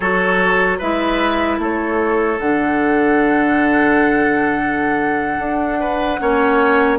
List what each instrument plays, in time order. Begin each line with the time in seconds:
0.00 bassoon F#3, clarinet F#4, oboe A4, flute C#5
0.78 bassoon G#3, clarinet E4, oboe B4, flute E5
1.58 bassoon A3, oboe A4, flute C#5
2.39 bassoon D3, clarinet D4, flute F#5
5.38 bassoon D4
5.80 oboe B4
6.20 bassoon A#3, clarinet C#4, oboe C#5